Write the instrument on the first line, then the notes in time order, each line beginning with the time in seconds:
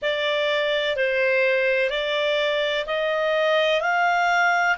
clarinet
0.02 D5
0.96 C5
1.90 D5
2.86 D#5
3.81 F5